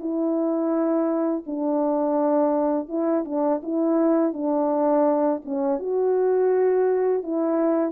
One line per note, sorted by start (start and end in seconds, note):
0.00 1.45 E4
1.47 2.89 D4
2.89 3.25 E4
3.25 3.61 D4
3.63 4.34 E4
4.34 5.42 D4
5.45 5.80 C#4
5.80 7.23 F#4
7.23 7.92 E4